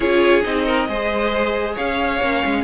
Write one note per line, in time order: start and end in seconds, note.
0.00 0.44 C#4
0.00 0.42 F4
0.00 0.65 G#4
0.00 0.42 C#5
0.42 0.88 C4
0.42 0.86 D#4
0.42 1.75 D#5
0.65 0.87 A#4
0.88 1.76 G#3
0.88 2.20 G#4
0.88 1.74 C5
1.74 2.20 C#4
1.74 2.62 C#5
1.74 2.64 F5
2.20 2.42 A#3
2.20 2.64 C#4
2.45 2.64 G#3